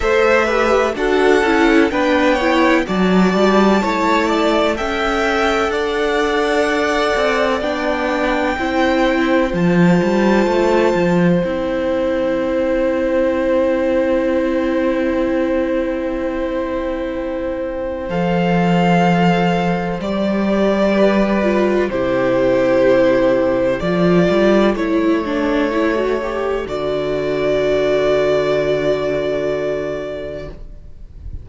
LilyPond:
<<
  \new Staff \with { instrumentName = "violin" } { \time 4/4 \tempo 4 = 63 e''4 fis''4 g''4 a''4~ | a''4 g''4 fis''2 | g''2 a''2 | g''1~ |
g''2. f''4~ | f''4 d''2 c''4~ | c''4 d''4 cis''2 | d''1 | }
  \new Staff \with { instrumentName = "violin" } { \time 4/4 c''8 b'8 a'4 b'8 cis''8 d''4 | cis''8 d''8 e''4 d''2~ | d''4 c''2.~ | c''1~ |
c''1~ | c''2 b'4 g'4~ | g'4 a'2.~ | a'1 | }
  \new Staff \with { instrumentName = "viola" } { \time 4/4 a'8 g'8 fis'8 e'8 d'8 e'8 fis'4 | e'4 a'2. | d'4 e'4 f'2 | e'1~ |
e'2. a'4~ | a'4 g'4. f'8 e'4~ | e'4 f'4 e'8 d'8 e'16 fis'16 g'8 | fis'1 | }
  \new Staff \with { instrumentName = "cello" } { \time 4/4 a4 d'8 cis'8 b4 fis8 g8 | a4 cis'4 d'4. c'8 | b4 c'4 f8 g8 a8 f8 | c'1~ |
c'2. f4~ | f4 g2 c4~ | c4 f8 g8 a2 | d1 | }
>>